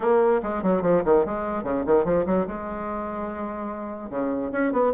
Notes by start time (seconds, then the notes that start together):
0.00 A#3
0.42 G#3
0.62 F#3
0.82 F3
1.05 D#3
1.25 G#3
1.63 C#3
1.86 D#3
2.05 F3
2.26 F#3
2.47 G#3
4.10 C#3
4.51 C#4
4.72 B3